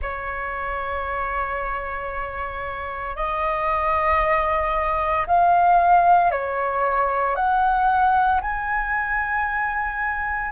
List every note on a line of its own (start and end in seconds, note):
0.02 3.16 C#5
3.16 5.26 D#5
5.26 6.31 F5
6.31 7.35 C#5
7.35 8.41 F#5
8.41 10.51 G#5